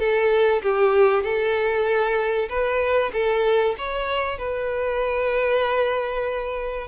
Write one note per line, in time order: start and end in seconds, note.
0.00 0.62 A4
0.63 1.24 G4
1.24 2.49 A4
2.49 3.12 B4
3.13 3.76 A4
3.78 4.39 C#5
4.39 6.88 B4